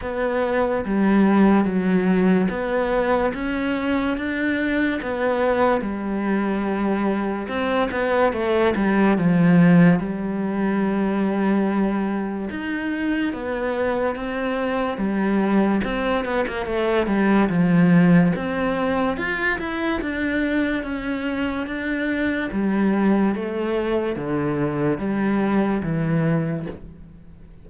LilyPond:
\new Staff \with { instrumentName = "cello" } { \time 4/4 \tempo 4 = 72 b4 g4 fis4 b4 | cis'4 d'4 b4 g4~ | g4 c'8 b8 a8 g8 f4 | g2. dis'4 |
b4 c'4 g4 c'8 b16 ais16 | a8 g8 f4 c'4 f'8 e'8 | d'4 cis'4 d'4 g4 | a4 d4 g4 e4 | }